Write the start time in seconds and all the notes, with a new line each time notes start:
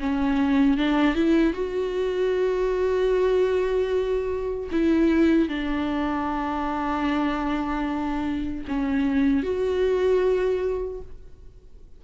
0.00 C#4
0.78 D4
1.15 E4
1.54 F#4
4.72 E4
5.49 D4
8.68 C#4
9.43 F#4